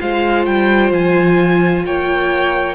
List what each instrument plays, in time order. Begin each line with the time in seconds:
0.00 cello G#3, viola F4, violin C5 F5
0.45 cello G3, violin G5
0.91 cello F3, violin G#5
1.86 cello A#3, violin C#5 G5